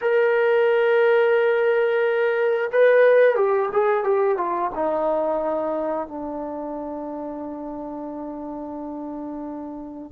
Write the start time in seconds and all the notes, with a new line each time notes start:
0.01 A#4
2.72 B4
3.35 G4
3.72 G#4
4.04 G4
4.37 F4
4.74 D#4
6.07 D4